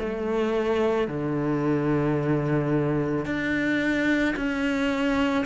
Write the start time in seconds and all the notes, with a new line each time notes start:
0.00 A3
1.08 D3
3.26 D4
4.36 C#4